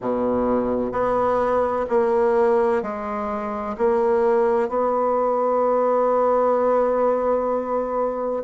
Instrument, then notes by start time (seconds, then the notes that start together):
bassoon
0.00 B2
0.92 B3
1.89 A#3
2.82 G#3
3.78 A#3
4.69 B3